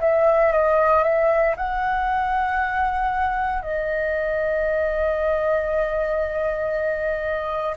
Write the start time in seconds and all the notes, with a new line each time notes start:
0.00 E5
0.52 D#5
1.03 E5
1.56 F#5
3.62 D#5